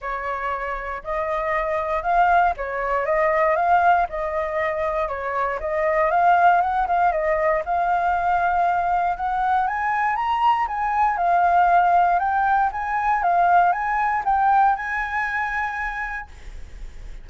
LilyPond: \new Staff \with { instrumentName = "flute" } { \time 4/4 \tempo 4 = 118 cis''2 dis''2 | f''4 cis''4 dis''4 f''4 | dis''2 cis''4 dis''4 | f''4 fis''8 f''8 dis''4 f''4~ |
f''2 fis''4 gis''4 | ais''4 gis''4 f''2 | g''4 gis''4 f''4 gis''4 | g''4 gis''2. | }